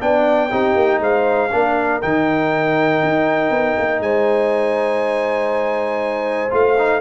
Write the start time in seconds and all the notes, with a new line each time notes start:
0.00 B3 D4 D5 G5
0.50 C4 D#4 G4
0.75 A#3
1.00 G#3 C5 F5
1.52 A#3 D4 A#4
2.02 D#3 D#4 G5
3.03 D#4
3.50 B3
3.78 A#3
4.00 G#3 C5 G#5
6.50 A3 F4 F5
6.78 D#4